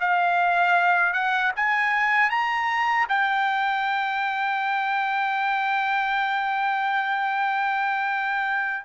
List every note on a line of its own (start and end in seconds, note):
0.00 1.13 F5
1.13 1.52 F#5
1.56 2.30 G#5
2.30 3.07 A#5
3.09 8.85 G5